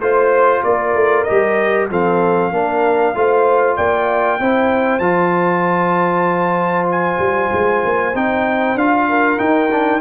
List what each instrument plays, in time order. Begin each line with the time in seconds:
0.00 tuba A3, trombone F4, trumpet C5, horn C5
0.64 tuba A#3, horn A#4, trumpet D5
0.94 tuba A3
1.24 trombone G4, trumpet D#5
1.30 tuba G3
1.90 tuba F3, trombone C4, horn A4, trumpet F5
2.52 tuba A#3, trombone D4, horn A#4
3.15 tuba A3, trombone F4, horn C5
3.77 tuba A#3, horn D5, trumpet G5
4.40 tuba C4, trombone E4, horn C5
4.99 tuba F3, trombone F4, trumpet A5
6.91 trumpet G#5
7.19 tuba G3
7.53 tuba G#3
7.85 tuba A#3
8.14 tuba C4, trombone D#4, trumpet G5
8.75 tuba D4, trombone F4, trumpet F5
9.09 horn A#4
9.39 trombone D#4, tuba D#4, trumpet G5
9.72 trombone D4